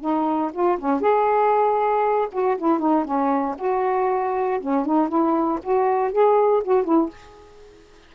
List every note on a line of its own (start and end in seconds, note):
0.00 0.51 D#4
0.52 0.78 F4
0.78 1.01 C#4
1.01 2.28 G#4
2.32 2.57 F#4
2.57 2.79 E4
2.79 3.04 D#4
3.05 3.55 C#4
3.58 4.59 F#4
4.60 4.85 C#4
4.85 5.08 D#4
5.08 5.59 E4
5.63 6.12 F#4
6.12 6.62 G#4
6.64 6.84 F#4
6.84 7.09 E4